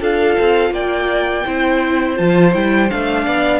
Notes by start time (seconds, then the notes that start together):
0.00 D4 F4 A4 F5
0.39 C4
0.71 A#3 D5 G5
1.45 C4 E4 C5
2.16 F3 F4 A5
2.53 G3 E4 G5
2.90 A3 D4 F5
3.25 B3 D5